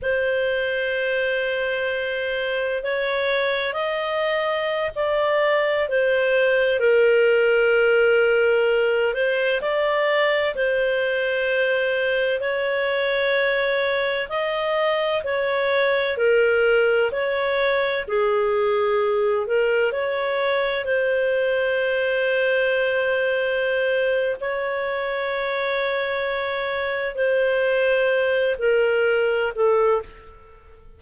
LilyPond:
\new Staff \with { instrumentName = "clarinet" } { \time 4/4 \tempo 4 = 64 c''2. cis''4 | dis''4~ dis''16 d''4 c''4 ais'8.~ | ais'4.~ ais'16 c''8 d''4 c''8.~ | c''4~ c''16 cis''2 dis''8.~ |
dis''16 cis''4 ais'4 cis''4 gis'8.~ | gis'8. ais'8 cis''4 c''4.~ c''16~ | c''2 cis''2~ | cis''4 c''4. ais'4 a'8 | }